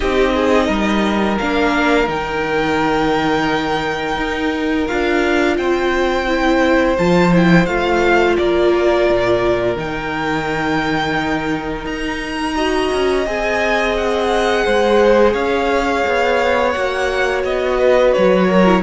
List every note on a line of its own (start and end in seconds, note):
0.00 0.68 C4
0.00 1.39 D#4
0.00 0.33 G4
0.00 1.38 D#5
0.34 0.66 G#4
0.66 1.38 G3
0.66 5.55 A#4
1.38 2.07 A#3
1.38 2.06 D4
1.38 2.08 F5
2.06 4.17 D#3
2.06 4.85 D#4
2.06 4.87 G5
4.17 4.86 D#4
4.87 5.57 D4
4.87 6.27 F4
4.87 5.56 F5
5.57 6.97 C4
5.57 8.37 C5
5.57 6.96 G5
6.27 6.97 E4
6.98 7.67 F3
6.98 7.33 F4
6.98 7.32 A5
7.33 7.68 E4
7.33 7.65 G5
7.65 8.36 A3
7.65 9.76 F4
7.65 8.35 F5
8.37 9.09 A#3
8.37 12.55 A#4
8.37 9.76 D5
9.09 9.75 A#2
9.75 11.84 D#3
9.75 12.55 D#4
9.75 11.86 G5
11.84 12.89 D#4
11.84 13.25 A#5
12.55 13.25 F#4
12.55 14.64 D#5
12.93 13.26 C#4
13.25 14.65 C4
13.25 16.74 G#4
13.25 13.96 G#5
13.96 15.33 F#5
14.65 15.34 G#3
14.65 15.33 C5
15.33 16.03 C#4
15.33 17.77 C#5
15.33 16.71 F5
16.06 16.75 B3
16.71 17.44 A#3
16.71 18.65 F#4
16.71 17.41 F#5
17.44 18.13 B3
17.44 18.12 D#5
17.78 18.47 B4
18.12 18.82 F#3
18.12 18.82 C#5
18.47 18.82 A#4
18.65 18.82 E4